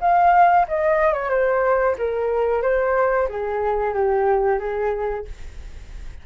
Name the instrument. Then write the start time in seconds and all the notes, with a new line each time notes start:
flute
0.00 F5
0.68 D#5
1.13 C#5
1.29 C5
1.98 A#4
2.62 C5
3.28 G#4
3.93 G4
4.59 G#4